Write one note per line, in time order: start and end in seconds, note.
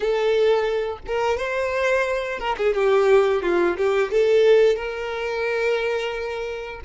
0.00 0.99 A4
1.07 1.37 A#4
1.37 2.39 C5
2.39 2.56 A#4
2.57 2.74 G#4
2.74 3.42 G4
3.42 3.76 F4
3.77 4.11 G4
4.11 4.76 A4
4.76 6.80 A#4